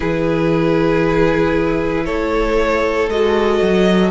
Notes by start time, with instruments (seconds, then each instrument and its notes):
0.00 cello E3, viola E4, violin G#4 B4
2.05 cello A3, violin A4 C#5
3.08 cello G#3, viola F#4, violin D#5
3.62 cello F#3